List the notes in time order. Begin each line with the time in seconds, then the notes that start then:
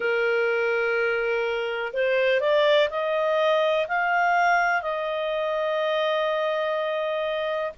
0.00 A#4
1.93 C5
2.40 D5
2.89 D#5
3.88 F5
4.81 D#5